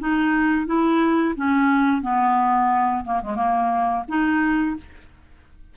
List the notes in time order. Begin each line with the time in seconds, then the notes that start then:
0.00 D#4
0.67 E4
1.36 C#4
2.02 B3
3.05 A#3
3.23 G#3
3.36 A#3
4.08 D#4